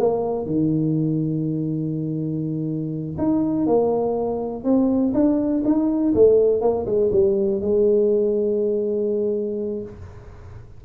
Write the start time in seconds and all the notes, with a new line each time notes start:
0.00 A#3
0.46 D#3
3.19 D#4
3.67 A#3
4.65 C4
5.14 D4
5.65 D#4
6.15 A3
6.62 A#3
6.87 G#3
7.13 G3
7.62 G#3